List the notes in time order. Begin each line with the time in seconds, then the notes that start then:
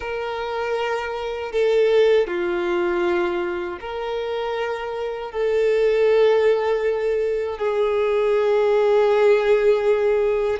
0.00 A#4
1.52 A4
2.27 F4
3.80 A#4
5.31 A4
7.58 G#4